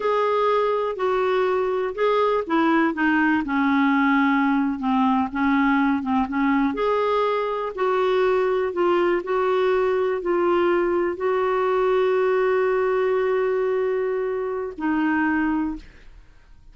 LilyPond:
\new Staff \with { instrumentName = "clarinet" } { \time 4/4 \tempo 4 = 122 gis'2 fis'2 | gis'4 e'4 dis'4 cis'4~ | cis'4.~ cis'16 c'4 cis'4~ cis'16~ | cis'16 c'8 cis'4 gis'2 fis'16~ |
fis'4.~ fis'16 f'4 fis'4~ fis'16~ | fis'8. f'2 fis'4~ fis'16~ | fis'1~ | fis'2 dis'2 | }